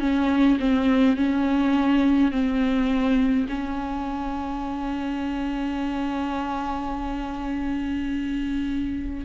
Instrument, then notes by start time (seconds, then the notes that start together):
viola
0.00 C#4
0.59 C4
1.16 C#4
2.31 C4
3.49 C#4